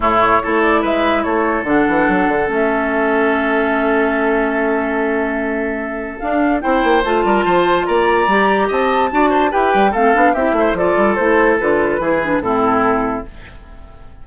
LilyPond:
<<
  \new Staff \with { instrumentName = "flute" } { \time 4/4 \tempo 4 = 145 cis''4. d''8 e''4 cis''4 | fis''2 e''2~ | e''1~ | e''2. f''4 |
g''4 a''2 ais''4~ | ais''4 a''2 g''4 | f''4 e''4 d''4 c''4 | b'2 a'2 | }
  \new Staff \with { instrumentName = "oboe" } { \time 4/4 e'4 a'4 b'4 a'4~ | a'1~ | a'1~ | a'1 |
c''4. ais'8 c''4 d''4~ | d''4 dis''4 d''8 c''8 b'4 | a'4 g'8 c''8 a'2~ | a'4 gis'4 e'2 | }
  \new Staff \with { instrumentName = "clarinet" } { \time 4/4 a4 e'2. | d'2 cis'2~ | cis'1~ | cis'2. d'4 |
e'4 f'2. | g'2 fis'4 g'4 | c'8 d'8 e'4 f'4 e'4 | f'4 e'8 d'8 c'2 | }
  \new Staff \with { instrumentName = "bassoon" } { \time 4/4 a,4 a4 gis4 a4 | d8 e8 fis8 d8 a2~ | a1~ | a2. d'4 |
c'8 ais8 a8 g8 f4 ais4 | g4 c'4 d'4 e'8 g8 | a8 b8 c'8 a8 f8 g8 a4 | d4 e4 a,2 | }
>>